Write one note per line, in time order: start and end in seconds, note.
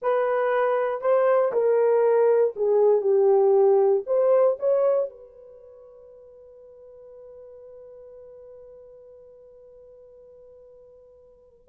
0.02 1.01 B4
1.01 1.52 C5
1.52 2.54 A#4
2.55 3.01 G#4
3.01 4.02 G4
4.06 4.57 C5
4.59 5.09 C#5
5.09 11.68 B4